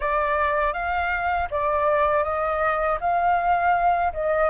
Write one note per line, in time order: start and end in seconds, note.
0.00 0.73 D5
0.73 1.48 F5
1.50 2.23 D5
2.23 2.98 D#5
3.00 4.12 F5
4.13 4.50 D#5